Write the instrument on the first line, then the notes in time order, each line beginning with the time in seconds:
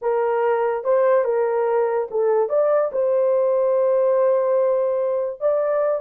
horn
0.01 A#4
0.84 C5
1.24 A#4
2.10 A4
2.49 D5
2.92 C5
5.40 D5